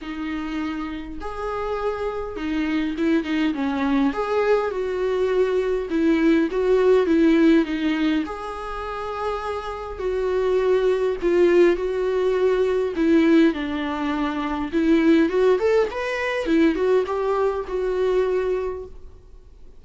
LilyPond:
\new Staff \with { instrumentName = "viola" } { \time 4/4 \tempo 4 = 102 dis'2 gis'2 | dis'4 e'8 dis'8 cis'4 gis'4 | fis'2 e'4 fis'4 | e'4 dis'4 gis'2~ |
gis'4 fis'2 f'4 | fis'2 e'4 d'4~ | d'4 e'4 fis'8 a'8 b'4 | e'8 fis'8 g'4 fis'2 | }